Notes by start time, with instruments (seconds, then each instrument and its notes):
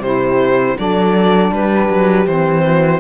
0.00 cello C3, saxophone E4, horn G4, violin C5
0.77 cello F#3, saxophone D4, horn A4, violin D5
1.52 cello G3, horn G4, violin B4
1.89 cello F#3
2.27 cello E3, saxophone C4, violin C5
2.65 horn F#4